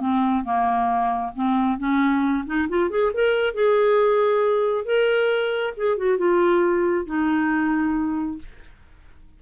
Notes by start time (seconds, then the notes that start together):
0.00 C4
0.44 A#3
1.35 C4
1.78 C#4
2.46 D#4
2.69 F4
2.90 G#4
3.14 A#4
3.54 G#4
4.85 A#4
5.77 G#4
5.97 F#4
6.18 F4
7.06 D#4